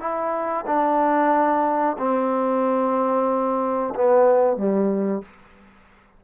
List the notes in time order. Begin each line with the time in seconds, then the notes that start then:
0.00 E4
0.67 D4
1.99 C4
3.95 B3
4.57 G3